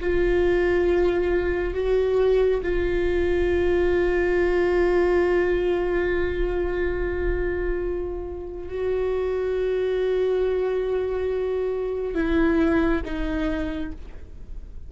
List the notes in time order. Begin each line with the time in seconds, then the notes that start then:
0.00 F4
1.74 F#4
2.62 F4
8.68 F#4
12.14 E4
13.05 D#4